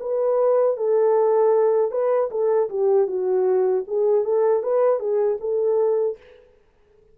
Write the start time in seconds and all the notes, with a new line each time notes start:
0.00 B4
0.77 A4
1.91 B4
2.31 A4
2.70 G4
3.07 F#4
3.87 G#4
4.24 A4
4.63 B4
4.99 G#4
5.40 A4